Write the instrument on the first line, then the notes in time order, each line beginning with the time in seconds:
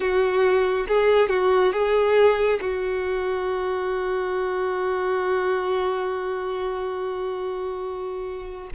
violin
0.00 F#4
0.88 G#4
1.29 F#4
1.72 G#4
2.60 F#4